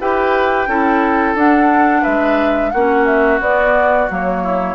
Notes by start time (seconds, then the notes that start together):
0.00 E4 G4 B4 G5
0.67 C#4 E4 A4
1.35 D4 F#5
2.02 G#3 B4 E5
2.71 A#3 C#4 F#4 F#5
3.06 E5
3.40 B3 D5
4.09 F#3 A#3 C#5
4.43 E4